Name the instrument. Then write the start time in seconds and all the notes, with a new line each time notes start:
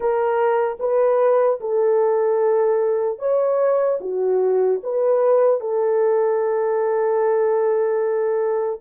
horn
0.00 A#4
0.79 B4
1.60 A4
3.18 C#5
4.00 F#4
4.83 B4
5.60 A4